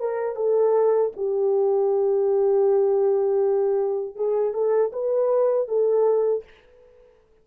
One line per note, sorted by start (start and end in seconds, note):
0.00 0.36 A#4
0.36 1.12 A4
1.17 4.16 G4
4.16 4.54 G#4
4.54 4.92 A4
4.93 5.68 B4
5.68 6.44 A4